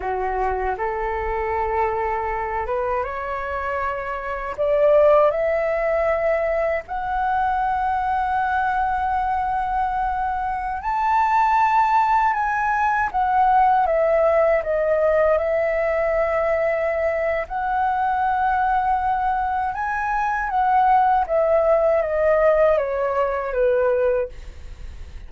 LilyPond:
\new Staff \with { instrumentName = "flute" } { \time 4/4 \tempo 4 = 79 fis'4 a'2~ a'8 b'8 | cis''2 d''4 e''4~ | e''4 fis''2.~ | fis''2~ fis''16 a''4.~ a''16~ |
a''16 gis''4 fis''4 e''4 dis''8.~ | dis''16 e''2~ e''8. fis''4~ | fis''2 gis''4 fis''4 | e''4 dis''4 cis''4 b'4 | }